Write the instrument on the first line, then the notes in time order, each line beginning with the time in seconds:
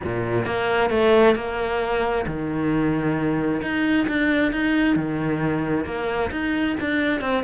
cello
0.04 A#2
0.45 A#3
0.90 A3
1.35 A#3
2.26 D#3
3.62 D#4
4.07 D4
4.52 D#4
4.96 D#3
5.85 A#3
6.31 D#4
6.80 D4
7.21 C4